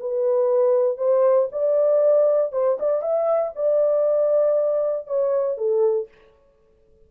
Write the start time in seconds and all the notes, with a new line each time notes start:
0.00 B4
0.98 C5
1.53 D5
2.53 C5
2.80 D5
3.03 E5
3.56 D5
5.08 C#5
5.58 A4